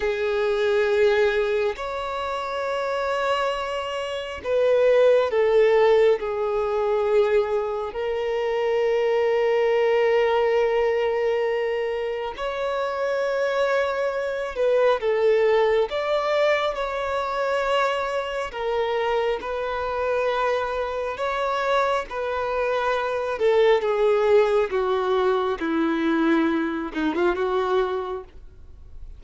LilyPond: \new Staff \with { instrumentName = "violin" } { \time 4/4 \tempo 4 = 68 gis'2 cis''2~ | cis''4 b'4 a'4 gis'4~ | gis'4 ais'2.~ | ais'2 cis''2~ |
cis''8 b'8 a'4 d''4 cis''4~ | cis''4 ais'4 b'2 | cis''4 b'4. a'8 gis'4 | fis'4 e'4. dis'16 f'16 fis'4 | }